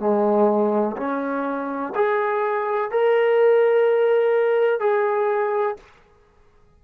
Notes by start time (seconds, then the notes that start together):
0.00 G#3
0.97 C#4
1.96 G#4
2.91 A#4
4.80 G#4